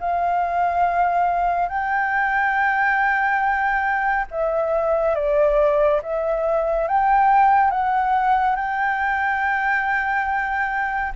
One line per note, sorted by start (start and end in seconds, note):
0.00 1.69 F5
1.69 4.26 G5
4.31 5.15 E5
5.15 6.01 D5
6.03 6.88 E5
6.88 7.71 G5
7.71 8.56 F#5
8.56 11.13 G5